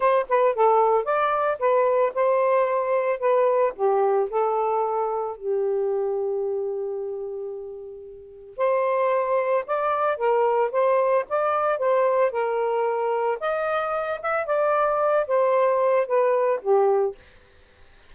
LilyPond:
\new Staff \with { instrumentName = "saxophone" } { \time 4/4 \tempo 4 = 112 c''8 b'8 a'4 d''4 b'4 | c''2 b'4 g'4 | a'2 g'2~ | g'1 |
c''2 d''4 ais'4 | c''4 d''4 c''4 ais'4~ | ais'4 dis''4. e''8 d''4~ | d''8 c''4. b'4 g'4 | }